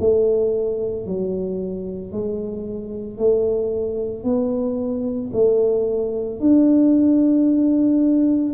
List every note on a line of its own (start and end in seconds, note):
0.00 1.07 A3
1.07 2.12 F#3
2.12 3.18 G#3
3.18 4.24 A3
4.24 5.31 B3
5.33 6.40 A3
6.40 8.55 D4